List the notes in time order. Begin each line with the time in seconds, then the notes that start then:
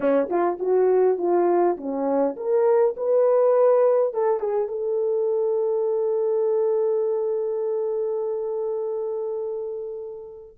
0.00 C#4
0.29 F4
0.59 F#4
1.18 F4
1.77 C#4
2.36 A#4
2.96 B4
4.13 A4
4.40 G#4
4.68 A4